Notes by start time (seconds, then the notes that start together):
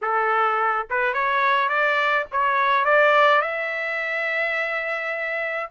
0.01 A4
0.90 B4
1.13 C#5
1.68 D5
2.31 C#5
2.84 D5
3.41 E5